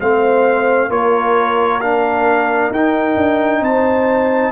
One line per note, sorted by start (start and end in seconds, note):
0.00 0.90 A3
0.00 0.90 C4
0.00 0.90 C5
0.00 0.91 F5
0.90 2.70 A#3
0.90 1.81 F4
0.90 3.62 A#4
0.90 1.81 C#5
1.81 2.73 D4
1.81 2.72 F5
2.70 3.16 D#4
2.70 4.52 D#4
2.70 3.64 G5
3.16 3.61 D4
3.61 4.52 C4
3.61 4.52 C5
3.61 4.52 A5